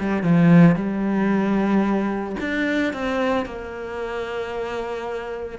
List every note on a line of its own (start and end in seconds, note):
0.00 0.23 G3
0.23 0.76 F3
0.76 2.36 G3
2.40 2.93 D4
2.93 3.46 C4
3.46 5.59 A#3